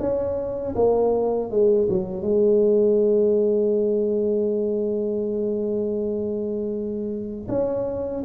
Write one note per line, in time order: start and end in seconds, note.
0.00 0.75 C#4
0.76 1.51 A#3
1.51 1.88 G#3
1.90 2.22 F#3
2.22 7.47 G#3
7.49 8.24 C#4